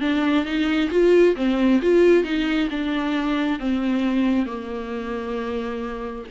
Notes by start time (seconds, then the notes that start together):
0.00 D4
0.45 D#4
0.91 F4
1.36 C4
1.82 F4
2.24 D#4
2.70 D4
3.59 C4
4.46 A#3